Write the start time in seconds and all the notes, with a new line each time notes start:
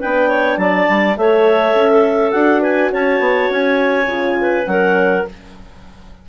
0.00 B3 D4 B4 G5
0.29 C#5
0.58 F#3 D5 A5
0.89 G3
1.17 A3 A4 C#5 E5
1.75 C#4
1.91 A4
2.32 D4 F#4 F#5
2.62 B4 G#5
2.92 C#4 C#5 A5
3.20 B3
3.50 C#4 G#5
4.07 C#3 F4
4.41 B4
4.66 F#3 C#4 A#4 F#5